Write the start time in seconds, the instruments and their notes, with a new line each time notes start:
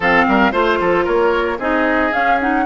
0.00 bassoon F3, clarinet C4, oboe A4, flute F5
0.27 bassoon G3, oboe A#4
0.52 bassoon A3, clarinet F4, oboe C5, flute C5
0.80 bassoon F3, oboe A4
1.04 bassoon A#3, oboe A#4, flute C#5
1.58 bassoon C4, clarinet D#4, oboe G#4, flute D#5
2.12 clarinet C#4, bassoon C#4, flute F5
2.40 clarinet D#4, flute F#5